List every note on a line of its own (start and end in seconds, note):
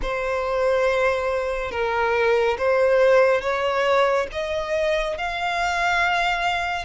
0.02 1.71 C5
1.71 2.57 A#4
2.58 3.41 C5
3.41 4.27 C#5
4.32 5.17 D#5
5.17 6.85 F5